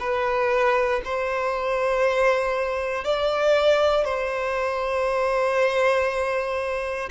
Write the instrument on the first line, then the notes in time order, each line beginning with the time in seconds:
violin
0.00 B4
1.04 C5
3.04 D5
4.04 C5